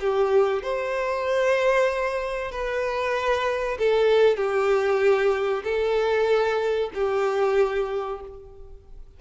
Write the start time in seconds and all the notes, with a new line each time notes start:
0.00 G4
0.63 C5
2.51 B4
3.78 A4
4.36 G4
5.64 A4
6.94 G4